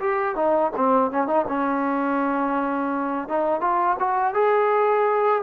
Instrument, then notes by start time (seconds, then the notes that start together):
trombone
0.00 G4
0.35 D#4
0.76 C4
1.11 C#4
1.27 D#4
1.48 C#4
3.28 D#4
3.61 F4
3.99 F#4
4.34 G#4